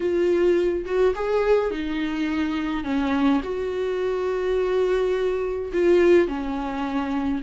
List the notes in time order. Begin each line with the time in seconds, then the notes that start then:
0.00 F4
0.85 F#4
1.15 G#4
1.70 D#4
2.84 C#4
3.43 F#4
5.72 F4
6.27 C#4